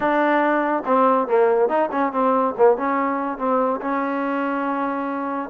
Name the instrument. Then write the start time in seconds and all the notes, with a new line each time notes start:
trombone
0.00 D4
0.85 C4
1.27 A#3
1.68 D#4
1.91 C#4
2.12 C4
2.57 A#3
2.77 C#4
3.38 C4
3.81 C#4